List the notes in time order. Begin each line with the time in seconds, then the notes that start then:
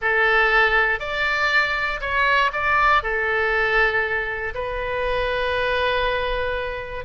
0.01 A4
0.99 D5
2.00 C#5
2.52 D5
3.02 A4
4.54 B4